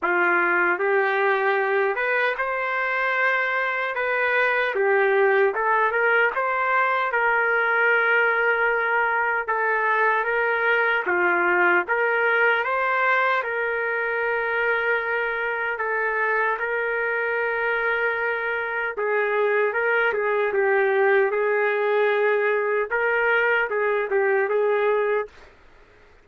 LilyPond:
\new Staff \with { instrumentName = "trumpet" } { \time 4/4 \tempo 4 = 76 f'4 g'4. b'8 c''4~ | c''4 b'4 g'4 a'8 ais'8 | c''4 ais'2. | a'4 ais'4 f'4 ais'4 |
c''4 ais'2. | a'4 ais'2. | gis'4 ais'8 gis'8 g'4 gis'4~ | gis'4 ais'4 gis'8 g'8 gis'4 | }